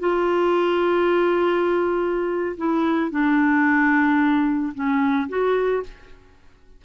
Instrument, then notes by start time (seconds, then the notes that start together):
clarinet
0.00 F4
2.58 E4
3.11 D4
4.75 C#4
5.29 F#4